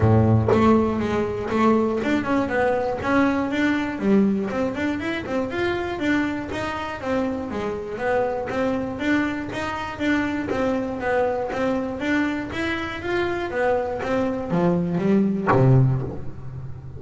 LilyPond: \new Staff \with { instrumentName = "double bass" } { \time 4/4 \tempo 4 = 120 a,4 a4 gis4 a4 | d'8 cis'8 b4 cis'4 d'4 | g4 c'8 d'8 e'8 c'8 f'4 | d'4 dis'4 c'4 gis4 |
b4 c'4 d'4 dis'4 | d'4 c'4 b4 c'4 | d'4 e'4 f'4 b4 | c'4 f4 g4 c4 | }